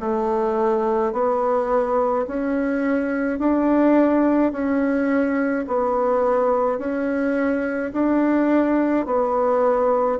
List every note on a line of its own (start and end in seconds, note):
0.00 1.12 A3
1.12 2.25 B3
2.27 3.39 C#4
3.39 4.52 D4
4.52 5.66 C#4
5.67 6.79 B3
6.79 7.92 C#4
7.93 9.06 D4
9.06 10.19 B3